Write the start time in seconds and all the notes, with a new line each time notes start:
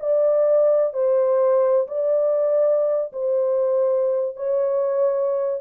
0.00 D5
0.93 C5
1.87 D5
3.12 C5
4.36 C#5